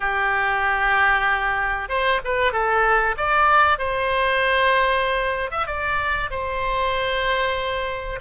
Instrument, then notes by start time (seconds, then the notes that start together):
oboe
0.00 G4
1.88 C5
2.24 B4
2.52 A4
3.17 D5
3.78 C5
5.51 E5
5.66 D5
6.30 C5